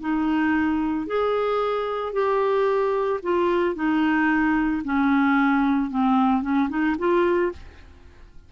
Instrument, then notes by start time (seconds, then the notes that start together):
clarinet
0.00 D#4
1.06 G#4
2.12 G4
3.22 F4
3.75 D#4
4.84 C#4
5.90 C4
6.42 C#4
6.69 D#4
6.98 F4